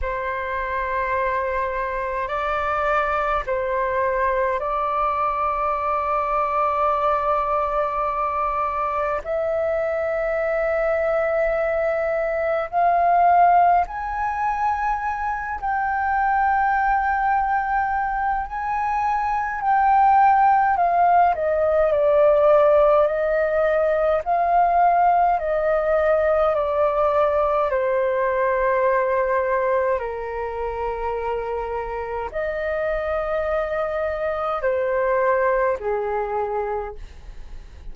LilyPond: \new Staff \with { instrumentName = "flute" } { \time 4/4 \tempo 4 = 52 c''2 d''4 c''4 | d''1 | e''2. f''4 | gis''4. g''2~ g''8 |
gis''4 g''4 f''8 dis''8 d''4 | dis''4 f''4 dis''4 d''4 | c''2 ais'2 | dis''2 c''4 gis'4 | }